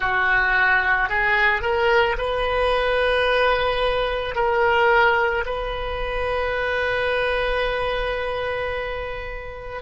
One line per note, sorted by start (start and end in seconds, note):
0.00 1.09 F#4
1.09 1.61 G#4
1.61 2.16 A#4
2.17 4.35 B4
4.35 5.44 A#4
5.45 9.82 B4